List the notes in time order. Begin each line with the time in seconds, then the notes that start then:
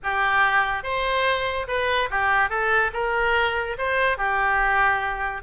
0.03 G4
0.83 C5
1.67 B4
2.10 G4
2.49 A4
2.93 A#4
3.78 C5
4.17 G4